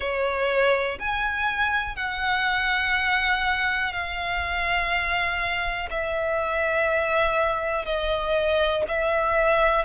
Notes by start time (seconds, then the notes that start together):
0.00 C#5
0.99 G#5
1.96 F#5
3.92 F5
5.90 E5
7.85 D#5
8.87 E5